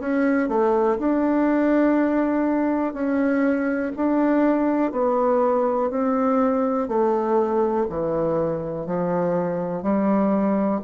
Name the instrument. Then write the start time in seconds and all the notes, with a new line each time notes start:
bassoon
0.00 C#4
0.49 A3
0.99 D4
2.94 C#4
3.96 D4
4.92 B3
5.90 C4
6.89 A3
7.90 E3
8.86 F3
9.83 G3